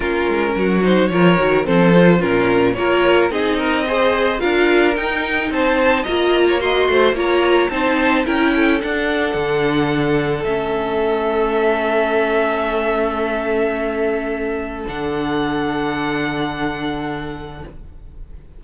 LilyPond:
<<
  \new Staff \with { instrumentName = "violin" } { \time 4/4 \tempo 4 = 109 ais'4. c''8 cis''4 c''4 | ais'4 cis''4 dis''2 | f''4 g''4 a''4 ais''4 | c'''4 ais''4 a''4 g''4 |
fis''2. e''4~ | e''1~ | e''2. fis''4~ | fis''1 | }
  \new Staff \with { instrumentName = "violin" } { \time 4/4 f'4 fis'4 ais'4 a'4 | f'4 ais'4 gis'8 ais'8 c''4 | ais'2 c''4 dis''8. cis''16 | dis''8 c''8 cis''4 c''4 ais'8 a'8~ |
a'1~ | a'1~ | a'1~ | a'1 | }
  \new Staff \with { instrumentName = "viola" } { \time 4/4 cis'4. dis'8 f'8 fis'8 c'8 f'8 | cis'4 f'4 dis'4 gis'4 | f'4 dis'2 f'4 | fis'4 f'4 dis'4 e'4 |
d'2. cis'4~ | cis'1~ | cis'2. d'4~ | d'1 | }
  \new Staff \with { instrumentName = "cello" } { \time 4/4 ais8 gis8 fis4 f8 dis8 f4 | ais,4 ais4 c'2 | d'4 dis'4 c'4 ais4~ | ais8 a8 ais4 c'4 cis'4 |
d'4 d2 a4~ | a1~ | a2. d4~ | d1 | }
>>